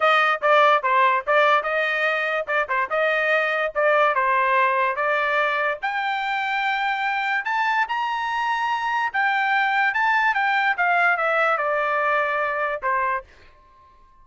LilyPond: \new Staff \with { instrumentName = "trumpet" } { \time 4/4 \tempo 4 = 145 dis''4 d''4 c''4 d''4 | dis''2 d''8 c''8 dis''4~ | dis''4 d''4 c''2 | d''2 g''2~ |
g''2 a''4 ais''4~ | ais''2 g''2 | a''4 g''4 f''4 e''4 | d''2. c''4 | }